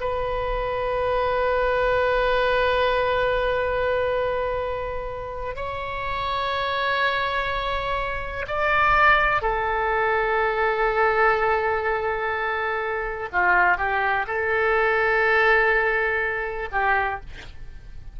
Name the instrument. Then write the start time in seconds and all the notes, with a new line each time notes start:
oboe
0.00 B4
5.55 C#5
8.47 D5
9.41 A4
13.32 F4
13.77 G4
14.27 A4
16.72 G4